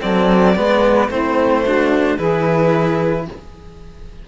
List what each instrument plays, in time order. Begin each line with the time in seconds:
0.00 cello F#3 C4, saxophone A4, violin D5
0.55 cello G#3 B3, saxophone B4
1.08 cello A3 C4, saxophone E4, violin C5
1.64 cello D4, saxophone F#4
2.16 cello E3 E4, saxophone G#4, violin B4